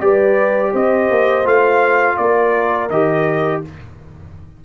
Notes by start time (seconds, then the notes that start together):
0.00 G3 G4 B4 D5
0.71 C4 C5 D#5
1.10 A#3
1.44 A3 F4 F5
2.17 A#3 A#4 D5
2.89 D#3 G4 D#5